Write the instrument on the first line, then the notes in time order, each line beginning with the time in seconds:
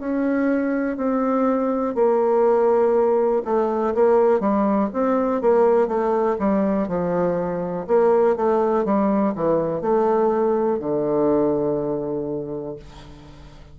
bassoon
0.00 C#4
0.97 C4
1.95 A#3
3.45 A3
3.95 A#3
4.40 G3
4.94 C4
5.41 A#3
5.88 A3
6.39 G3
6.88 F3
7.87 A#3
8.36 A3
8.85 G3
9.36 E3
9.81 A3
10.79 D3